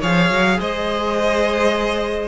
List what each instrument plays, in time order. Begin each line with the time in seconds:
0.00 cello F3, viola G#4, violin C#5 F5
0.31 cello F#3
0.60 cello G#3, violin C5 D#5